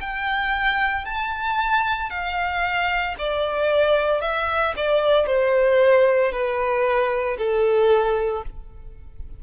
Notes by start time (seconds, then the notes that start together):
0.00 G5
1.05 A5
2.10 F5
3.18 D5
4.21 E5
4.76 D5
5.26 C5
6.32 B4
7.38 A4